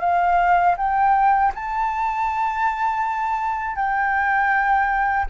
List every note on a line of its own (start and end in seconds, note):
0.00 0.75 F5
0.77 1.52 G5
1.54 3.75 A5
3.75 5.25 G5